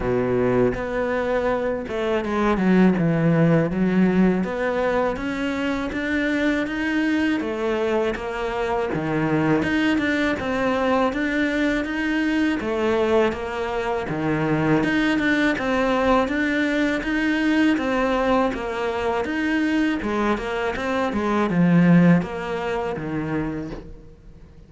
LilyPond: \new Staff \with { instrumentName = "cello" } { \time 4/4 \tempo 4 = 81 b,4 b4. a8 gis8 fis8 | e4 fis4 b4 cis'4 | d'4 dis'4 a4 ais4 | dis4 dis'8 d'8 c'4 d'4 |
dis'4 a4 ais4 dis4 | dis'8 d'8 c'4 d'4 dis'4 | c'4 ais4 dis'4 gis8 ais8 | c'8 gis8 f4 ais4 dis4 | }